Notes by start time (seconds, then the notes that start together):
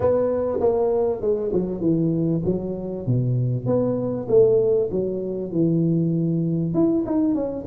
0.00 B3
0.60 A#3
1.21 G#3
1.53 F#3
1.80 E3
2.45 F#3
3.06 B2
3.65 B3
4.28 A3
4.91 F#3
5.51 E3
6.73 E4
7.05 D#4
7.34 C#4